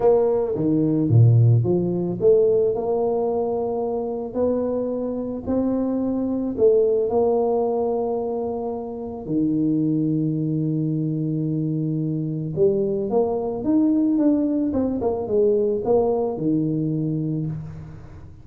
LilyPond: \new Staff \with { instrumentName = "tuba" } { \time 4/4 \tempo 4 = 110 ais4 dis4 ais,4 f4 | a4 ais2. | b2 c'2 | a4 ais2.~ |
ais4 dis2.~ | dis2. g4 | ais4 dis'4 d'4 c'8 ais8 | gis4 ais4 dis2 | }